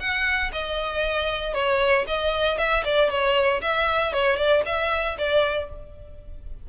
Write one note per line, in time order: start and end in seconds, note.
0.00 0.51 F#5
0.52 1.54 D#5
1.54 2.05 C#5
2.07 2.58 D#5
2.58 2.83 E5
2.85 3.10 D5
3.10 3.62 C#5
3.62 4.13 E5
4.13 4.37 C#5
4.37 4.62 D5
4.65 5.17 E5
5.18 5.69 D5